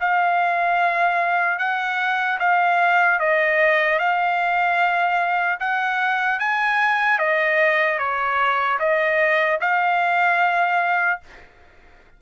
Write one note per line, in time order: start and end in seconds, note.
0.00 1.59 F5
1.59 2.39 F#5
2.39 3.19 F5
3.19 3.99 D#5
3.99 5.59 F5
5.60 6.39 F#5
6.39 7.19 G#5
7.19 7.99 D#5
7.99 8.79 C#5
8.79 9.59 D#5
9.60 11.20 F5